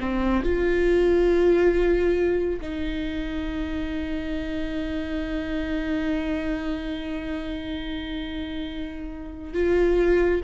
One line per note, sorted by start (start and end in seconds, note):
0.00 0.43 C4
0.43 2.61 F4
2.61 9.54 D#4
9.54 10.41 F4